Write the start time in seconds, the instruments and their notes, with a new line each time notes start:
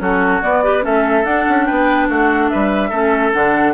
0.00 bassoon F#3, clarinet C#4, oboe F#4, flute A4
0.43 clarinet B3, bassoon B3, flute D5
0.64 clarinet G4, oboe B4
0.82 bassoon A3, clarinet C#4, oboe A4, flute E5
1.25 bassoon D4, clarinet D4, flute F#5
1.49 bassoon C#4
1.66 bassoon B3, oboe B4, flute G5
2.09 bassoon A3, oboe F#4, flute F#5
2.49 oboe B4, flute E5
2.55 bassoon G3
2.89 bassoon A3, clarinet C#4, oboe A4
3.33 bassoon D3, clarinet D4, flute F#5